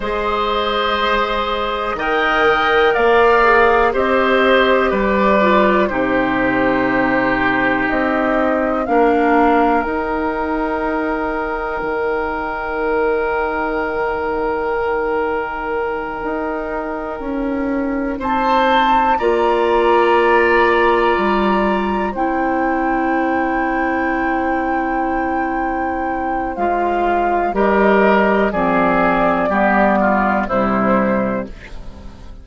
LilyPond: <<
  \new Staff \with { instrumentName = "flute" } { \time 4/4 \tempo 4 = 61 dis''2 g''4 f''4 | dis''4 d''4 c''2 | dis''4 f''4 g''2~ | g''1~ |
g''2~ g''8 a''4 ais''8~ | ais''2~ ais''8 g''4.~ | g''2. f''4 | dis''4 d''2 c''4 | }
  \new Staff \with { instrumentName = "oboe" } { \time 4/4 c''2 dis''4 d''4 | c''4 b'4 g'2~ | g'4 ais'2.~ | ais'1~ |
ais'2~ ais'8 c''4 d''8~ | d''2~ d''8 c''4.~ | c''1 | ais'4 gis'4 g'8 f'8 e'4 | }
  \new Staff \with { instrumentName = "clarinet" } { \time 4/4 gis'2 ais'4. gis'8 | g'4. f'8 dis'2~ | dis'4 d'4 dis'2~ | dis'1~ |
dis'2.~ dis'8 f'8~ | f'2~ f'8 e'4.~ | e'2. f'4 | g'4 c'4 b4 g4 | }
  \new Staff \with { instrumentName = "bassoon" } { \time 4/4 gis2 dis4 ais4 | c'4 g4 c2 | c'4 ais4 dis'2 | dis1~ |
dis8 dis'4 cis'4 c'4 ais8~ | ais4. g4 c'4.~ | c'2. gis4 | g4 f4 g4 c4 | }
>>